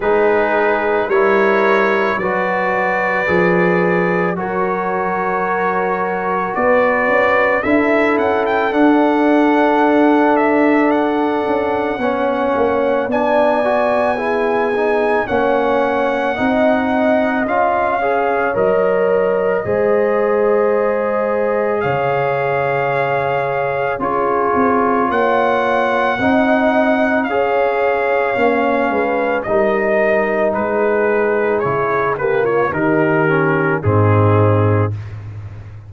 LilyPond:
<<
  \new Staff \with { instrumentName = "trumpet" } { \time 4/4 \tempo 4 = 55 b'4 cis''4 d''2 | cis''2 d''4 e''8 fis''16 g''16 | fis''4. e''8 fis''2 | gis''2 fis''2 |
f''4 dis''2. | f''2 cis''4 fis''4~ | fis''4 f''2 dis''4 | b'4 cis''8 b'16 cis''16 ais'4 gis'4 | }
  \new Staff \with { instrumentName = "horn" } { \time 4/4 gis'4 ais'4 b'2 | ais'2 b'4 a'4~ | a'2. cis''4 | d''4 gis'4 cis''4 dis''4~ |
dis''8 cis''4. c''2 | cis''2 gis'4 cis''4 | dis''4 cis''4. b'8 ais'4 | gis'4. g'16 f'16 g'4 dis'4 | }
  \new Staff \with { instrumentName = "trombone" } { \time 4/4 dis'4 e'4 fis'4 gis'4 | fis'2. e'4 | d'2. cis'4 | d'8 fis'8 e'8 dis'8 cis'4 dis'4 |
f'8 gis'8 ais'4 gis'2~ | gis'2 f'2 | dis'4 gis'4 cis'4 dis'4~ | dis'4 e'8 ais8 dis'8 cis'8 c'4 | }
  \new Staff \with { instrumentName = "tuba" } { \time 4/4 gis4 g4 fis4 f4 | fis2 b8 cis'8 d'8 cis'8 | d'2~ d'8 cis'8 b8 ais8 | b2 ais4 c'4 |
cis'4 fis4 gis2 | cis2 cis'8 c'8 ais4 | c'4 cis'4 ais8 gis8 g4 | gis4 cis4 dis4 gis,4 | }
>>